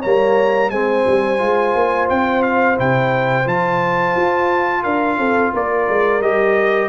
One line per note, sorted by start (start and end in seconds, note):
0.00 0.71 G3
0.00 0.72 A#3
0.00 0.69 C#5
0.00 0.71 A#5
0.71 1.05 G#3
0.71 1.38 C4
0.71 4.83 C5
0.71 2.08 G#5
1.07 1.41 G3
1.38 1.75 G#3
1.38 2.76 F4
1.75 2.09 A#3
2.10 2.79 C4
2.10 2.43 G5
2.43 2.77 F5
2.76 3.46 C3
2.76 3.45 E4
2.76 3.48 G5
3.46 4.15 F3
3.46 6.22 F4
3.46 4.84 A5
4.16 4.85 F4
4.83 5.18 D4
4.83 5.18 A#4
4.83 5.53 F5
5.18 5.53 C4
5.18 5.53 A4
5.54 5.88 A#3
5.54 6.89 A#4
5.54 6.22 D5
5.89 6.21 G#3
6.21 6.89 G3
6.21 6.89 G4
6.21 6.89 D#5